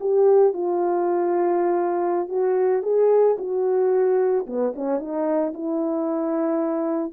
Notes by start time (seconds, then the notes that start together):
0.00 G4
0.53 F4
2.29 F#4
2.83 G#4
3.38 F#4
4.46 B3
4.75 C#4
4.99 D#4
5.54 E4